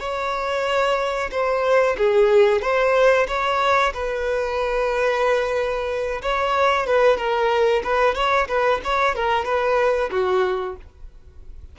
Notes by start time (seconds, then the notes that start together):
0.00 C#5
1.31 C5
1.98 G#4
2.62 C5
3.28 C#5
3.94 B4
6.23 C#5
6.87 B4
7.17 A#4
7.84 B4
8.15 C#5
8.48 B4
8.84 C#5
9.15 A#4
9.45 B4
10.11 F#4